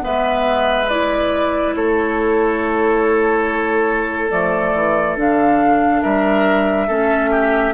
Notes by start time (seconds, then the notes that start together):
0.00 B3 B4 E5
0.06 G#3
0.89 E4 D5
1.75 A3 A4 C#5
4.31 F3 A3 D5
4.75 E3
5.17 D3 D4 F5
6.02 G3 A#4 E5
6.87 A3 C#4 A4
7.31 G4